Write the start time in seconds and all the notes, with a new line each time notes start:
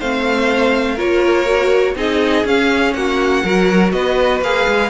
0.00 A3 C4 C5 F5
0.96 A#3 F4 A#4 C#5
1.46 F#4
1.95 C4 D#4 G#4 D#5
2.45 C#4 F5
2.94 A#3 F#4 F#5
3.44 F#3 F#4 A#4
3.92 B3 B4 D#5
4.41 A#3 G#4 F5
4.68 G#3